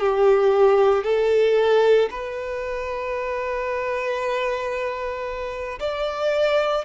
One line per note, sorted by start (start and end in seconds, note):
0.00 1.04 G4
1.04 2.10 A4
2.11 5.79 B4
5.80 6.85 D5